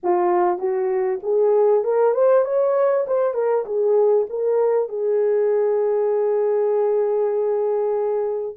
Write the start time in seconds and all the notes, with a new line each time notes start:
0.03 F4
0.58 F#4
1.22 G#4
1.84 A#4
2.14 C5
2.44 C#5
3.07 C5
3.34 A#4
3.65 G#4
4.29 A#4
4.88 G#4